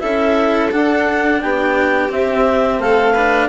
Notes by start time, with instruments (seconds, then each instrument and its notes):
0.00 bassoon C#4, cello E4, violin A4, clarinet E5
0.72 cello D4, bassoon D4, clarinet F#5
1.42 bassoon B3, violin G4, clarinet G5
2.09 cello C4, bassoon C4, clarinet E5
2.79 bassoon A3, violin A4, clarinet F5
3.13 cello D4, violin B4